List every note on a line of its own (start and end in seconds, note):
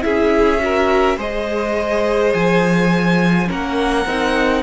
0.00 1.17 C#4
0.00 0.58 E4
0.00 0.62 G#4
0.00 1.18 E5
0.59 1.16 F#4
0.59 1.17 A#4
1.17 2.33 G#3
1.17 3.46 G#4
1.17 3.47 C5
1.17 2.33 D#5
2.33 3.49 F3
2.33 3.49 G#5
3.46 4.05 A#3
3.46 4.04 C#4
3.46 4.62 A#4
3.46 4.62 F#5
4.05 4.62 C4
4.05 4.62 D#4